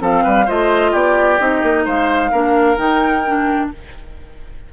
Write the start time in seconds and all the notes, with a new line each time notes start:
0.00 F3 C4 A4 F5
0.23 G3 B4
0.45 A3 F4 C5 D#5
0.91 B3 G4 D5
1.39 C4 D#4 D#5
1.63 A#3
1.85 G#3 C5 F5
2.31 A#3 D4 A#4
2.77 D#3 D#4 G5
3.27 D4